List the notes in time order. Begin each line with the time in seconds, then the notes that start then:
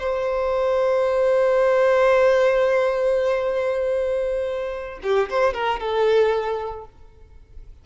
0.00 C5
5.03 G4
5.30 C5
5.54 A#4
5.80 A4